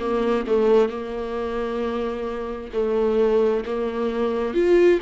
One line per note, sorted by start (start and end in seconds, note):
0.00 0.45 A#3
0.47 0.89 A3
0.89 2.71 A#3
2.74 3.65 A3
3.66 4.55 A#3
4.55 5.00 F4